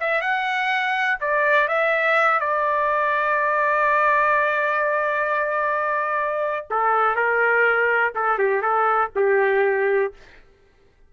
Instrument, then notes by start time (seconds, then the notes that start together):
trumpet
0.00 E5
0.21 F#5
1.21 D5
1.68 E5
2.40 D5
6.70 A4
7.16 A#4
8.15 A4
8.39 G4
8.62 A4
9.16 G4